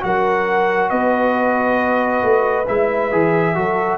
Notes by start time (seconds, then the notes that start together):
0.00 F#3 F#4 A#4 F#5
0.89 B3 B4 D#5
2.22 A3
2.67 G#3 E4 E5
3.11 E3 G#4
3.55 F#3 F#4 A4